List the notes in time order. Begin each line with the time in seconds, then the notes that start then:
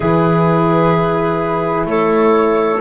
0.00 E3 E4 G#4 B4
1.85 A3 A4 C#5